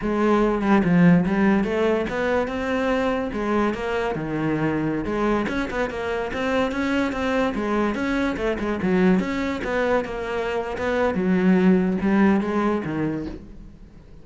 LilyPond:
\new Staff \with { instrumentName = "cello" } { \time 4/4 \tempo 4 = 145 gis4. g8 f4 g4 | a4 b4 c'2 | gis4 ais4 dis2~ | dis16 gis4 cis'8 b8 ais4 c'8.~ |
c'16 cis'4 c'4 gis4 cis'8.~ | cis'16 a8 gis8 fis4 cis'4 b8.~ | b16 ais4.~ ais16 b4 fis4~ | fis4 g4 gis4 dis4 | }